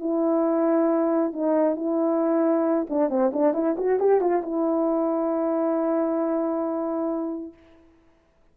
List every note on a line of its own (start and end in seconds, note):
0.00 1.33 E4
1.33 1.76 D#4
1.76 2.87 E4
2.90 3.10 D4
3.10 3.32 C4
3.34 3.54 D4
3.54 3.77 E4
3.78 4.00 F#4
4.00 4.21 G4
4.21 4.43 F4
4.43 7.54 E4